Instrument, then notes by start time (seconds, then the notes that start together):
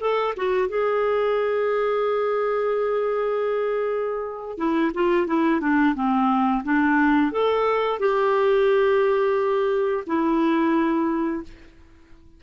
clarinet
0.00 A4
0.37 F#4
0.69 G#4
4.58 E4
4.94 F4
5.27 E4
5.61 D4
5.95 C4
6.64 D4
7.32 A4
7.99 G4
10.07 E4